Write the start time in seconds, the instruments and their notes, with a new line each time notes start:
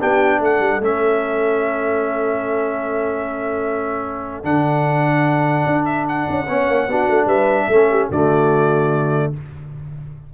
0.00 tuba B3, trombone D4, horn G4, trumpet G5
0.40 tuba A3, horn A4, trumpet F#5
0.60 tuba G3
0.80 tuba A3, trombone C#4, trumpet E5
4.44 tuba D3, trombone D4, trumpet F#5
5.66 tuba D4
5.85 trumpet E5
6.09 trumpet F#5
6.30 tuba C#4
6.48 tuba B3, trombone C#4, horn C#5
6.69 tuba A#3
6.88 tuba B3, trombone D4, horn F#4
7.08 tuba A3
7.26 tuba G3, horn B4, trumpet E5
7.68 tuba A3, trombone C#4, horn A4
7.91 horn G4
8.09 tuba D3, trombone A3, horn F#4, trumpet D5